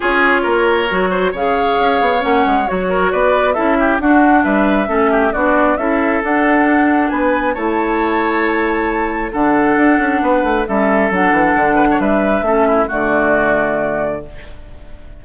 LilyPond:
<<
  \new Staff \with { instrumentName = "flute" } { \time 4/4 \tempo 4 = 135 cis''2. f''4~ | f''4 fis''4 cis''4 d''4 | e''4 fis''4 e''2 | d''4 e''4 fis''2 |
gis''4 a''2.~ | a''4 fis''2. | e''4 fis''2 e''4~ | e''4 d''2. | }
  \new Staff \with { instrumentName = "oboe" } { \time 4/4 gis'4 ais'4. c''8 cis''4~ | cis''2~ cis''8 ais'8 b'4 | a'8 g'8 fis'4 b'4 a'8 g'8 | fis'4 a'2. |
b'4 cis''2.~ | cis''4 a'2 b'4 | a'2~ a'8 b'16 cis''16 b'4 | a'8 e'8 fis'2. | }
  \new Staff \with { instrumentName = "clarinet" } { \time 4/4 f'2 fis'4 gis'4~ | gis'4 cis'4 fis'2 | e'4 d'2 cis'4 | d'4 e'4 d'2~ |
d'4 e'2.~ | e'4 d'2. | cis'4 d'2. | cis'4 a2. | }
  \new Staff \with { instrumentName = "bassoon" } { \time 4/4 cis'4 ais4 fis4 cis4 | cis'8 b8 ais8 gis8 fis4 b4 | cis'4 d'4 g4 a4 | b4 cis'4 d'2 |
b4 a2.~ | a4 d4 d'8 cis'8 b8 a8 | g4 fis8 e8 d4 g4 | a4 d2. | }
>>